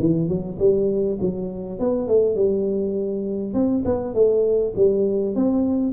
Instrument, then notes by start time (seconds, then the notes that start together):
tuba
0.00 E3
0.29 F#3
0.60 G3
1.21 F#3
1.80 B3
2.08 A3
2.36 G3
3.54 C4
3.85 B3
4.15 A3
4.76 G3
5.36 C4